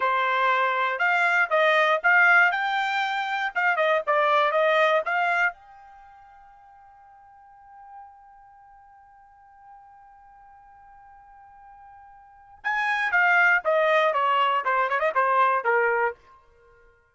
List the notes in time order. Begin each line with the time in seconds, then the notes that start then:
0.00 C5
0.98 F5
1.50 D#5
2.03 F5
2.51 G5
3.55 F5
3.76 D#5
4.06 D5
4.51 D#5
5.05 F5
5.52 G5
12.63 G#5
13.11 F5
13.64 D#5
14.13 C#5
14.64 C5
14.89 C#5
14.99 D#5
15.14 C5
15.64 A#4